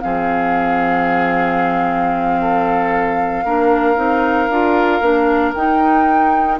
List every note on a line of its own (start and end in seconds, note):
0.00 3.44 F3
0.00 3.43 C4
0.00 2.41 G#4
0.00 5.53 F5
2.41 3.44 A4
3.44 3.96 A#3
3.44 3.96 D4
3.44 6.59 A#4
3.96 4.49 C4
3.96 4.48 D#4
4.49 5.00 D4
4.49 5.01 F4
5.00 5.53 A#3
5.00 5.54 D4
5.54 6.59 D#4
5.54 6.59 G5